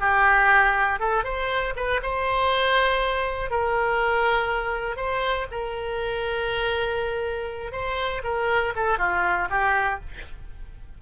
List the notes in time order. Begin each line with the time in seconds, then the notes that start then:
0.00 G4
1.00 A4
1.24 C5
1.76 B4
2.02 C5
3.50 A#4
4.96 C5
5.51 A#4
7.72 C5
8.24 A#4
8.76 A4
8.98 F4
9.50 G4